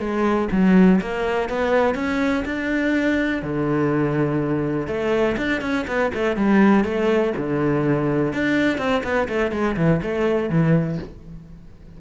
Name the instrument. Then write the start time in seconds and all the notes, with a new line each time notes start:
cello
0.00 G#3
0.52 F#3
1.02 A#3
1.50 B3
1.95 C#4
2.45 D4
3.43 D3
4.88 A3
5.38 D4
5.62 C#4
5.88 B3
6.14 A3
6.37 G3
6.85 A3
7.37 D3
8.34 D4
8.78 C4
9.04 B3
9.29 A3
9.52 G#3
9.77 E3
10.03 A3
10.50 E3